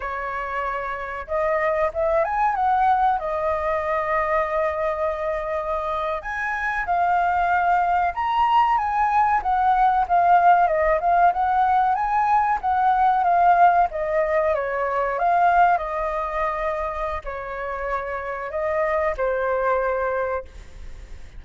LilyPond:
\new Staff \with { instrumentName = "flute" } { \time 4/4 \tempo 4 = 94 cis''2 dis''4 e''8 gis''8 | fis''4 dis''2.~ | dis''4.~ dis''16 gis''4 f''4~ f''16~ | f''8. ais''4 gis''4 fis''4 f''16~ |
f''8. dis''8 f''8 fis''4 gis''4 fis''16~ | fis''8. f''4 dis''4 cis''4 f''16~ | f''8. dis''2~ dis''16 cis''4~ | cis''4 dis''4 c''2 | }